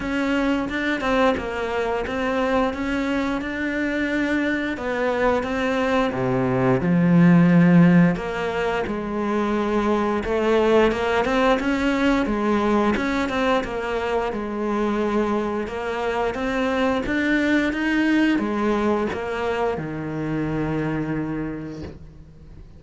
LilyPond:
\new Staff \with { instrumentName = "cello" } { \time 4/4 \tempo 4 = 88 cis'4 d'8 c'8 ais4 c'4 | cis'4 d'2 b4 | c'4 c4 f2 | ais4 gis2 a4 |
ais8 c'8 cis'4 gis4 cis'8 c'8 | ais4 gis2 ais4 | c'4 d'4 dis'4 gis4 | ais4 dis2. | }